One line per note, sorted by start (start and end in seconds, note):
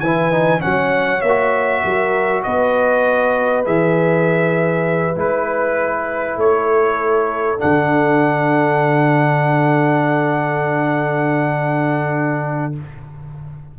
0.00 0.61 E3
0.00 0.32 E4
0.00 0.61 B4
0.00 0.61 G#5
0.32 0.59 D#4
0.59 1.20 C#4
0.59 1.82 C#5
0.59 1.22 F#5
0.65 1.22 F#3
1.22 1.83 A#3
1.22 2.43 E5
1.28 3.65 F#4
1.84 2.45 F#3
1.84 2.45 A#4
2.43 3.67 B3
2.43 6.37 B4
2.43 3.64 D#5
3.65 5.16 E3
3.65 5.15 G#4
3.65 5.18 E5
5.15 6.36 G#3
5.15 7.58 E4
5.15 6.40 B4
6.36 7.58 A3
6.36 12.73 A4
6.36 7.60 C#5
7.58 12.79 D3
7.58 12.73 D4
7.58 12.75 F#5